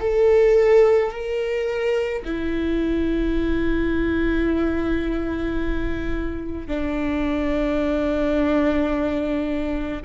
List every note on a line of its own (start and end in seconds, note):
0.00 1.11 A4
1.11 2.22 A#4
2.25 6.68 E4
6.68 10.01 D4